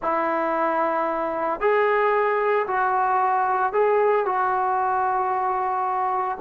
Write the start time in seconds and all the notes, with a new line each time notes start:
0.02 E4
1.60 G#4
2.67 F#4
3.72 G#4
4.25 F#4